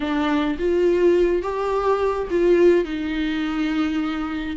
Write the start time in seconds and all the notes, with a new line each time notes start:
0.00 D4
0.59 F4
1.42 G4
2.30 F4
2.84 D#4